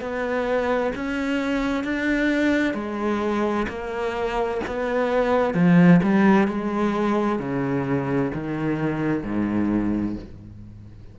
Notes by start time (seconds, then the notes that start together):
0.00 B3
0.95 C#4
1.83 D4
2.74 G#3
3.68 A#3
4.67 B3
5.54 F3
6.03 G3
6.47 G#3
7.39 C#3
8.33 D#3
9.23 G#2